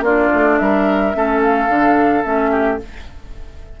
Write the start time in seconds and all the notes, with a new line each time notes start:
0.00 A#3 D4 F4 D5
0.33 A3
0.58 G3 A#4 E5
1.13 A3 C#4 A4
1.42 F5
1.68 D3 D4
2.23 A3 C#4 E5
2.51 G4